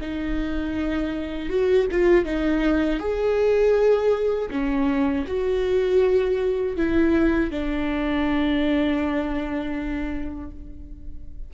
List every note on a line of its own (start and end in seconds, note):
0.00 1.49 D#4
1.49 1.86 F#4
1.91 2.25 F4
2.25 2.99 D#4
2.99 4.49 G#4
4.50 5.25 C#4
5.27 6.76 F#4
6.76 7.50 E4
7.50 10.50 D4